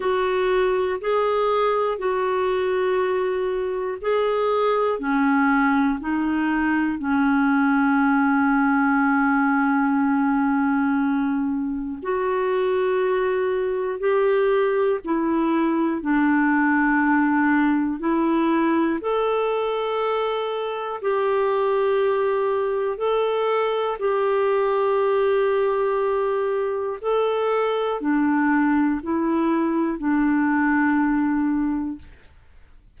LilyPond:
\new Staff \with { instrumentName = "clarinet" } { \time 4/4 \tempo 4 = 60 fis'4 gis'4 fis'2 | gis'4 cis'4 dis'4 cis'4~ | cis'1 | fis'2 g'4 e'4 |
d'2 e'4 a'4~ | a'4 g'2 a'4 | g'2. a'4 | d'4 e'4 d'2 | }